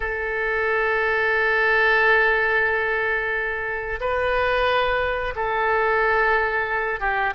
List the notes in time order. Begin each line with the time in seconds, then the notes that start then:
0.00 A4
4.00 B4
5.35 A4
7.00 G4